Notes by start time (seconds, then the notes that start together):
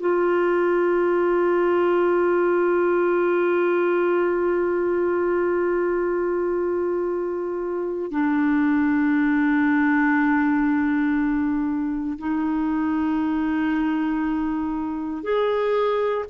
0.00 F4
8.11 D4
12.18 D#4
15.23 G#4